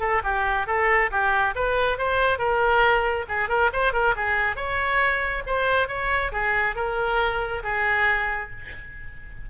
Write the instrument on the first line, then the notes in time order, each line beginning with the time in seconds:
oboe
0.00 A4
0.24 G4
0.67 A4
1.11 G4
1.55 B4
1.98 C5
2.38 A#4
3.28 G#4
3.49 A#4
3.73 C5
3.93 A#4
4.16 G#4
4.56 C#5
5.46 C5
5.88 C#5
6.32 G#4
6.76 A#4
7.63 G#4